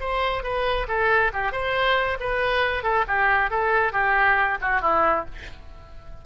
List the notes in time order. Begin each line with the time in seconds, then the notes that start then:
0.00 C5
0.43 B4
0.88 A4
1.33 G4
1.52 C5
2.20 B4
2.83 A4
3.08 G4
3.50 A4
3.92 G4
4.61 F#4
4.81 E4